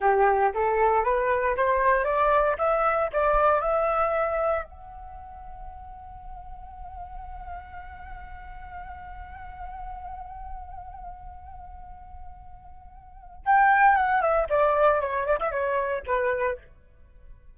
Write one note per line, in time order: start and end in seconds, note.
0.00 0.52 G4
0.54 1.04 A4
1.04 1.55 B4
1.56 2.04 C5
2.04 2.56 D5
2.58 3.09 E5
3.12 3.60 D5
3.60 4.64 E5
4.64 13.43 F#5
13.45 13.95 G5
13.95 14.21 F#5
14.21 14.47 E5
14.49 15.00 D5
15.00 15.26 C#5
15.26 15.39 D5
15.39 15.51 E5
15.51 16.03 C#5
16.06 16.58 B4